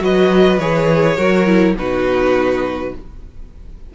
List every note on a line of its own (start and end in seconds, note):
0.00 0.59 F#3
0.00 0.58 F#4
0.00 1.17 B4
0.00 0.59 D#5
0.59 1.17 E3
0.59 1.18 G#4
0.59 1.76 C#5
1.17 1.75 F#3
1.17 1.47 F#4
1.17 1.75 A#4
1.47 1.76 E4
1.75 2.92 B2
1.75 2.95 D#4
1.75 2.94 F#4
1.75 2.95 B4